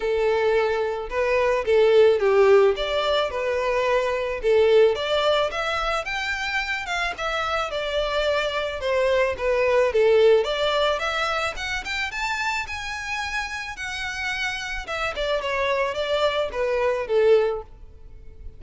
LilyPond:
\new Staff \with { instrumentName = "violin" } { \time 4/4 \tempo 4 = 109 a'2 b'4 a'4 | g'4 d''4 b'2 | a'4 d''4 e''4 g''4~ | g''8 f''8 e''4 d''2 |
c''4 b'4 a'4 d''4 | e''4 fis''8 g''8 a''4 gis''4~ | gis''4 fis''2 e''8 d''8 | cis''4 d''4 b'4 a'4 | }